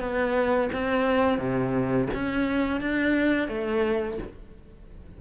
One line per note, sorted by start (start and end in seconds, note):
0.00 0.70 B3
0.73 1.38 C4
1.38 2.08 C3
2.14 2.81 C#4
2.81 3.49 D4
3.49 4.18 A3